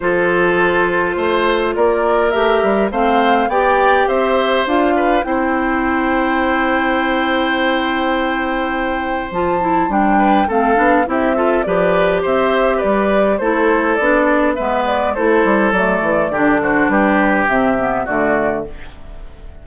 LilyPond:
<<
  \new Staff \with { instrumentName = "flute" } { \time 4/4 \tempo 4 = 103 c''2. d''4 | e''4 f''4 g''4 e''4 | f''4 g''2.~ | g''1 |
a''4 g''4 f''4 e''4 | d''4 e''4 d''4 c''4 | d''4 e''8 d''8 c''4 d''4~ | d''8 c''8 b'4 e''4 d''4 | }
  \new Staff \with { instrumentName = "oboe" } { \time 4/4 a'2 c''4 ais'4~ | ais'4 c''4 d''4 c''4~ | c''8 b'8 c''2.~ | c''1~ |
c''4. b'8 a'4 g'8 a'8 | b'4 c''4 b'4 a'4~ | a'4 b'4 a'2 | g'8 fis'8 g'2 fis'4 | }
  \new Staff \with { instrumentName = "clarinet" } { \time 4/4 f'1 | g'4 c'4 g'2 | f'4 e'2.~ | e'1 |
f'8 e'8 d'4 c'8 d'8 e'8 f'8 | g'2. e'4 | d'4 b4 e'4 a4 | d'2 c'8 b8 a4 | }
  \new Staff \with { instrumentName = "bassoon" } { \time 4/4 f2 a4 ais4 | a8 g8 a4 b4 c'4 | d'4 c'2.~ | c'1 |
f4 g4 a8 b8 c'4 | f4 c'4 g4 a4 | b4 gis4 a8 g8 fis8 e8 | d4 g4 c4 d4 | }
>>